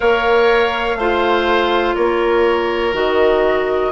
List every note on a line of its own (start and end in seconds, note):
0.00 0.95 A#3
0.00 0.97 A#4
0.00 0.98 C#5
0.00 1.95 F5
0.95 1.93 A3
0.95 2.93 F4
0.95 1.95 C5
1.95 2.93 A#3
1.95 3.91 A#4
1.95 2.94 C#5
2.93 3.91 D#3
2.93 3.91 F#4
2.93 3.91 D#5